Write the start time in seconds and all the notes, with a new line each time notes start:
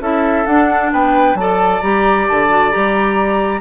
0.00 C#4 E4 A4 E5
0.46 D4 F#5
0.92 B3 B4 G5
1.35 F#3 A4 D5 A5
1.81 G3 G4 A#5
2.28 D3 A5
2.49 F#4
2.71 G3 G4 A#5